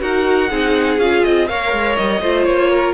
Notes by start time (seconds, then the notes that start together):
0.00 D#4 F#4 A#4 F#5
0.50 C4 D#4 G#4
0.98 C#4 F4 F5
1.24 C4 D#5
1.48 A#3 A#4 C#5 F5
1.72 G#3
1.96 G3 D#5
2.21 A3 F4 C5
2.44 A#3 C#5
2.70 A#4